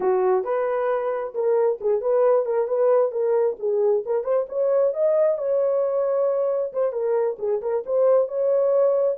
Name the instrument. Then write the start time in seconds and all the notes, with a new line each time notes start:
horn
0.00 F#4
0.44 B4
1.34 A#4
1.81 G#4
2.01 B4
2.45 A#4
2.67 B4
3.11 A#4
3.59 G#4
4.05 A#4
4.24 C5
4.48 C#5
4.93 D#5
5.38 C#5
6.72 C5
6.92 A#4
7.39 G#4
7.61 A#4
7.86 C5
8.28 C#5